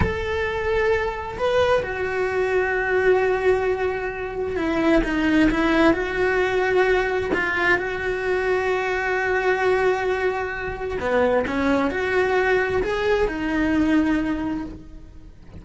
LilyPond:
\new Staff \with { instrumentName = "cello" } { \time 4/4 \tempo 4 = 131 a'2. b'4 | fis'1~ | fis'2 e'4 dis'4 | e'4 fis'2. |
f'4 fis'2.~ | fis'1 | b4 cis'4 fis'2 | gis'4 dis'2. | }